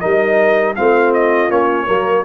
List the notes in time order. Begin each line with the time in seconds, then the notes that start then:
0.00 G3 D#4 A#4 D#5
0.76 A3 C4 F4 F5
1.14 D#5
1.49 A#3 C#4 C#5
1.87 F#3 A#3 A#4